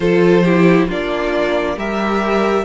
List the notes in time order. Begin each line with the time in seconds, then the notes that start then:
0.00 F3 F4 A4 C5
0.43 E4 G4
0.87 A#3 D4 F4 D5
1.76 G3 G4 A#4 E5